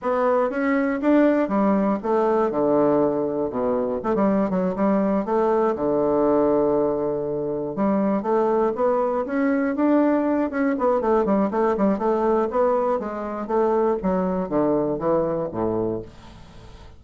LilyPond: \new Staff \with { instrumentName = "bassoon" } { \time 4/4 \tempo 4 = 120 b4 cis'4 d'4 g4 | a4 d2 b,4 | a16 g8. fis8 g4 a4 d8~ | d2.~ d8 g8~ |
g8 a4 b4 cis'4 d'8~ | d'4 cis'8 b8 a8 g8 a8 g8 | a4 b4 gis4 a4 | fis4 d4 e4 a,4 | }